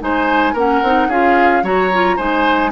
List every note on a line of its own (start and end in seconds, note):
0.00 0.54 G#3
0.00 0.55 D#4
0.00 0.53 C5
0.00 0.57 G#5
0.53 0.81 A#3
0.53 0.84 C#4
0.53 1.08 A#4
0.53 1.10 F#5
0.82 1.08 C4
0.82 1.11 D#4
1.08 1.63 C#4
1.08 1.64 F4
1.08 1.63 G#4
1.08 1.65 F5
1.63 2.18 F#3
1.63 1.91 F#4
1.63 2.16 C#5
1.63 2.18 A#5
1.93 2.18 F4
2.16 2.72 G#3
2.16 2.72 D#4
2.16 2.71 C5
2.16 2.72 G#5